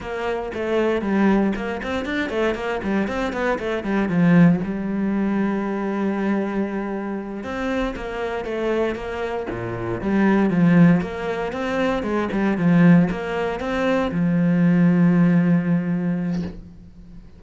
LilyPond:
\new Staff \with { instrumentName = "cello" } { \time 4/4 \tempo 4 = 117 ais4 a4 g4 ais8 c'8 | d'8 a8 ais8 g8 c'8 b8 a8 g8 | f4 g2.~ | g2~ g8 c'4 ais8~ |
ais8 a4 ais4 ais,4 g8~ | g8 f4 ais4 c'4 gis8 | g8 f4 ais4 c'4 f8~ | f1 | }